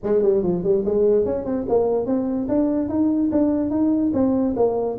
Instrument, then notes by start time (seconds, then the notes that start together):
tuba
0.03 G#3
0.22 G3
0.43 F3
0.63 G3
0.85 G#3
1.25 C#4
1.45 C4
1.68 A#3
2.06 C4
2.48 D4
2.89 D#4
3.31 D4
3.70 D#4
4.13 C4
4.56 A#3